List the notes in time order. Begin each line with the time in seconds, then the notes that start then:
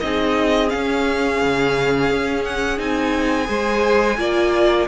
0.00 C4 D#4 G#4 D#5
0.68 C#4 F5
1.42 C#3
2.10 C#4
2.44 F#5
2.78 C4 D#4 G#5
3.45 G#3 G#4 C5
4.17 A#3 F4 D5